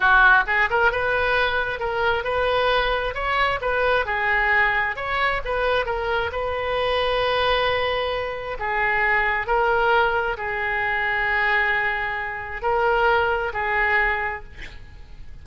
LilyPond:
\new Staff \with { instrumentName = "oboe" } { \time 4/4 \tempo 4 = 133 fis'4 gis'8 ais'8 b'2 | ais'4 b'2 cis''4 | b'4 gis'2 cis''4 | b'4 ais'4 b'2~ |
b'2. gis'4~ | gis'4 ais'2 gis'4~ | gis'1 | ais'2 gis'2 | }